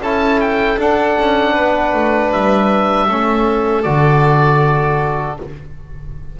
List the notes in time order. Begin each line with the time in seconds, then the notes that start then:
0.00 C#4 E4 A4 A5
0.40 G5
0.78 D4 F#5
1.19 C#4
1.53 B3 B4
1.94 A3
2.32 G3 E5
3.07 A3 C#4 A4
3.83 D3 F#4 D5